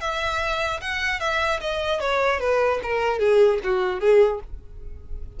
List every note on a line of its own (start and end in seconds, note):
0.00 0.80 E5
0.81 1.20 F#5
1.20 1.60 E5
1.60 2.00 D#5
2.00 2.40 C#5
2.40 2.80 B4
2.82 3.19 A#4
3.19 3.59 G#4
3.63 4.00 F#4
4.00 4.40 G#4